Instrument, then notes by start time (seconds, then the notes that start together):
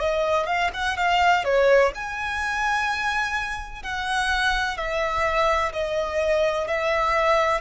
violin
0.00 D#5
0.46 F5
0.73 F#5
0.97 F5
1.44 C#5
1.95 G#5
3.83 F#5
4.77 E5
5.72 D#5
6.68 E5